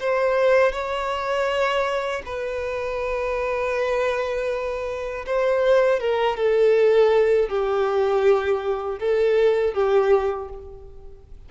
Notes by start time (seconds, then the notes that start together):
0.00 C5
0.72 C#5
2.26 B4
5.27 C5
6.00 A#4
6.37 A4
7.49 G4
9.00 A4
9.74 G4